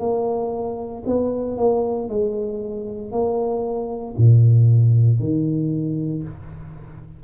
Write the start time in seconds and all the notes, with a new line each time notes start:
0.00 A#3
1.06 B3
1.58 A#3
2.09 G#3
3.12 A#3
4.18 A#2
5.20 D#3